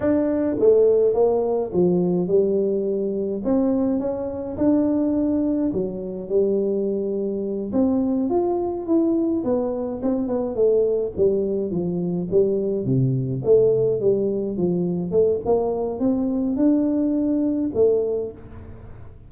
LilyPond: \new Staff \with { instrumentName = "tuba" } { \time 4/4 \tempo 4 = 105 d'4 a4 ais4 f4 | g2 c'4 cis'4 | d'2 fis4 g4~ | g4. c'4 f'4 e'8~ |
e'8 b4 c'8 b8 a4 g8~ | g8 f4 g4 c4 a8~ | a8 g4 f4 a8 ais4 | c'4 d'2 a4 | }